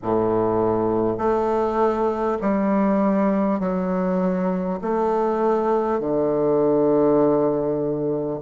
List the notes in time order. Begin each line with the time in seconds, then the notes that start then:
0.02 A2
1.17 A3
2.41 G3
3.59 F#3
4.81 A3
5.99 D3